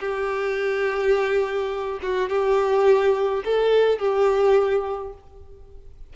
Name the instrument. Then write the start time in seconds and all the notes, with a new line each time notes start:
violin
0.00 G4
2.03 F#4
2.30 G4
3.45 A4
3.99 G4